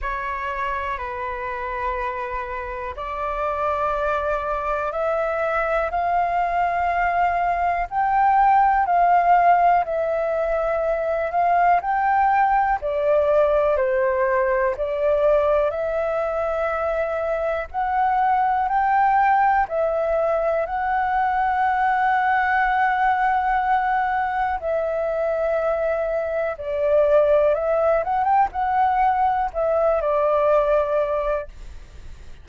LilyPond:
\new Staff \with { instrumentName = "flute" } { \time 4/4 \tempo 4 = 61 cis''4 b'2 d''4~ | d''4 e''4 f''2 | g''4 f''4 e''4. f''8 | g''4 d''4 c''4 d''4 |
e''2 fis''4 g''4 | e''4 fis''2.~ | fis''4 e''2 d''4 | e''8 fis''16 g''16 fis''4 e''8 d''4. | }